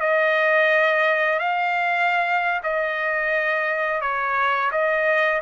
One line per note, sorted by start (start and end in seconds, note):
0.00 1.40 D#5
1.40 2.62 F5
2.64 4.01 D#5
4.01 4.71 C#5
4.72 5.42 D#5